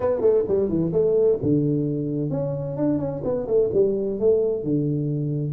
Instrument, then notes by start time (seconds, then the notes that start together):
tuba
0.00 B3
0.20 A3
0.48 G3
0.69 E3
0.92 A3
1.42 D3
2.30 C#4
2.76 D4
2.98 C#4
3.23 B3
3.47 A3
3.73 G3
4.19 A3
4.63 D3